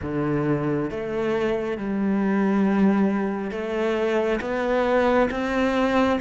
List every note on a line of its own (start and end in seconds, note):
0.02 0.90 D3
0.90 1.77 A3
1.77 3.51 G3
3.51 4.39 A3
4.40 5.29 B3
5.31 6.19 C4